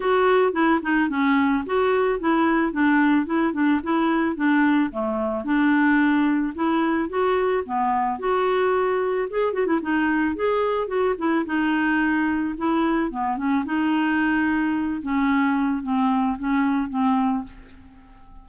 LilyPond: \new Staff \with { instrumentName = "clarinet" } { \time 4/4 \tempo 4 = 110 fis'4 e'8 dis'8 cis'4 fis'4 | e'4 d'4 e'8 d'8 e'4 | d'4 a4 d'2 | e'4 fis'4 b4 fis'4~ |
fis'4 gis'8 fis'16 e'16 dis'4 gis'4 | fis'8 e'8 dis'2 e'4 | b8 cis'8 dis'2~ dis'8 cis'8~ | cis'4 c'4 cis'4 c'4 | }